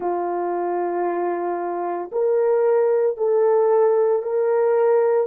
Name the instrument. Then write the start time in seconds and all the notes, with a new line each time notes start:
horn
0.00 F4
2.11 A#4
3.17 A4
4.22 A#4